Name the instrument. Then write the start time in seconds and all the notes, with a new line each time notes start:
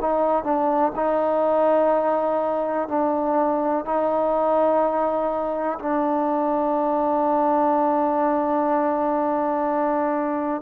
trombone
0.00 D#4
0.44 D4
0.95 D#4
2.88 D4
3.84 D#4
5.78 D4